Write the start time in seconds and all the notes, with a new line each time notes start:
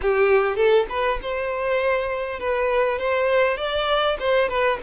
0.01 G4
0.56 A4
0.89 B4
1.22 C5
2.39 B4
2.98 C5
3.57 D5
4.19 C5
4.48 B4